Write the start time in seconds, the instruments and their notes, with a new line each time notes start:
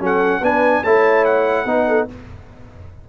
0.00 tuba F#3, trombone C#4, horn A4, trumpet F#5
0.40 tuba B3, trombone D4, horn B4, trumpet G#5
0.83 tuba A3, trombone E4, horn C#5, trumpet A5
1.25 trumpet F#5
1.65 tuba B3, trombone D#4, horn B4
1.88 horn A4